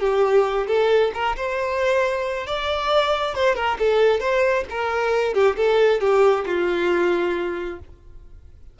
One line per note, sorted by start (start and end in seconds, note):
0.00 0.67 G4
0.67 1.11 A4
1.14 1.36 A#4
1.36 2.47 C5
2.47 3.35 D5
3.35 3.55 C5
3.55 3.77 A#4
3.79 4.20 A4
4.20 4.64 C5
4.70 5.34 A#4
5.34 5.56 G4
5.56 6.00 A4
6.00 6.44 G4
6.46 7.79 F4